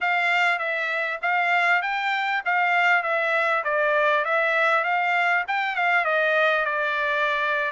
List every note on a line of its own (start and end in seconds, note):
0.00 0.59 F5
0.59 1.19 E5
1.22 1.82 F5
1.82 2.42 G5
2.45 3.02 F5
3.02 3.63 E5
3.64 4.24 D5
4.24 4.83 E5
4.83 5.44 F5
5.47 5.75 G5
5.75 6.04 F5
6.04 6.65 D#5
6.65 7.71 D5